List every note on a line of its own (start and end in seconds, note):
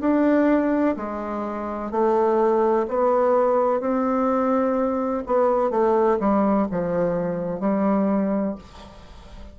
0.00 0.95 D4
0.96 1.91 G#3
1.91 2.86 A3
2.88 3.80 B3
3.80 5.23 C4
5.26 5.70 B3
5.70 6.18 A3
6.19 6.67 G3
6.71 7.59 F3
7.59 8.55 G3